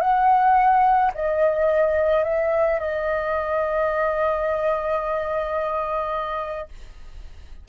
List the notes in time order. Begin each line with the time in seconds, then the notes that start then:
0.00 F#5
1.14 D#5
2.24 E5
2.79 D#5